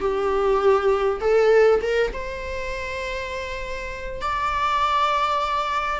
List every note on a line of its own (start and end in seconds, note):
0.00 1.20 G4
1.21 1.81 A4
1.82 2.12 A#4
2.13 4.21 C5
4.21 6.00 D5